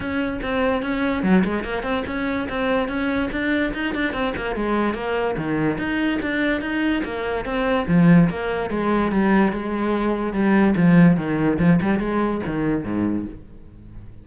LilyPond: \new Staff \with { instrumentName = "cello" } { \time 4/4 \tempo 4 = 145 cis'4 c'4 cis'4 fis8 gis8 | ais8 c'8 cis'4 c'4 cis'4 | d'4 dis'8 d'8 c'8 ais8 gis4 | ais4 dis4 dis'4 d'4 |
dis'4 ais4 c'4 f4 | ais4 gis4 g4 gis4~ | gis4 g4 f4 dis4 | f8 g8 gis4 dis4 gis,4 | }